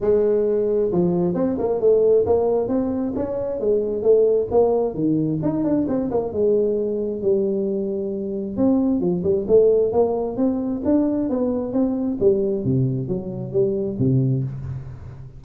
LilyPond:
\new Staff \with { instrumentName = "tuba" } { \time 4/4 \tempo 4 = 133 gis2 f4 c'8 ais8 | a4 ais4 c'4 cis'4 | gis4 a4 ais4 dis4 | dis'8 d'8 c'8 ais8 gis2 |
g2. c'4 | f8 g8 a4 ais4 c'4 | d'4 b4 c'4 g4 | c4 fis4 g4 c4 | }